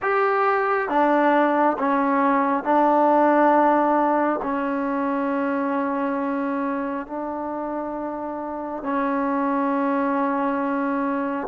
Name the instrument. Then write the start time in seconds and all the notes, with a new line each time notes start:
trombone
0.02 G4
0.88 D4
1.78 C#4
2.63 D4
4.42 C#4
7.06 D4
8.82 C#4